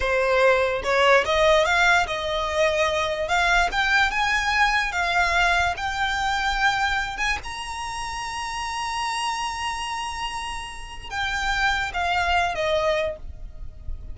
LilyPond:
\new Staff \with { instrumentName = "violin" } { \time 4/4 \tempo 4 = 146 c''2 cis''4 dis''4 | f''4 dis''2. | f''4 g''4 gis''2 | f''2 g''2~ |
g''4. gis''8 ais''2~ | ais''1~ | ais''2. g''4~ | g''4 f''4. dis''4. | }